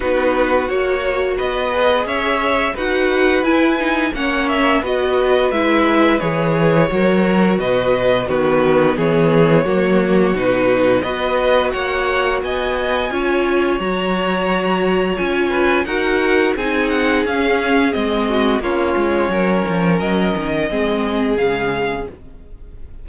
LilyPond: <<
  \new Staff \with { instrumentName = "violin" } { \time 4/4 \tempo 4 = 87 b'4 cis''4 dis''4 e''4 | fis''4 gis''4 fis''8 e''8 dis''4 | e''4 cis''2 dis''4 | b'4 cis''2 b'4 |
dis''4 fis''4 gis''2 | ais''2 gis''4 fis''4 | gis''8 fis''8 f''4 dis''4 cis''4~ | cis''4 dis''2 f''4 | }
  \new Staff \with { instrumentName = "violin" } { \time 4/4 fis'2 b'4 cis''4 | b'2 cis''4 b'4~ | b'2 ais'4 b'4 | fis'4 gis'4 fis'2 |
b'4 cis''4 dis''4 cis''4~ | cis''2~ cis''8 b'8 ais'4 | gis'2~ gis'8 fis'8 f'4 | ais'2 gis'2 | }
  \new Staff \with { instrumentName = "viola" } { \time 4/4 dis'4 fis'4. gis'4. | fis'4 e'8 dis'8 cis'4 fis'4 | e'4 gis'4 fis'2 | b2 ais4 dis'4 |
fis'2. f'4 | fis'2 f'4 fis'4 | dis'4 cis'4 c'4 cis'4~ | cis'2 c'4 gis4 | }
  \new Staff \with { instrumentName = "cello" } { \time 4/4 b4 ais4 b4 cis'4 | dis'4 e'4 ais4 b4 | gis4 e4 fis4 b,4 | dis4 e4 fis4 b,4 |
b4 ais4 b4 cis'4 | fis2 cis'4 dis'4 | c'4 cis'4 gis4 ais8 gis8 | fis8 f8 fis8 dis8 gis4 cis4 | }
>>